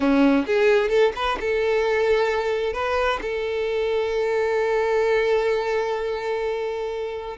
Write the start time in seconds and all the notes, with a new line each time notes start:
0.00 C#4
0.46 G#4
0.89 A4
1.15 B4
1.40 A4
2.73 B4
3.21 A4